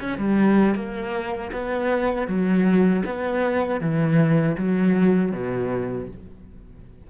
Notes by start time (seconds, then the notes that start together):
0.00 C#4
0.18 G3
0.75 A#3
1.52 B3
2.27 F#3
3.05 B3
3.80 E3
4.57 F#3
5.32 B2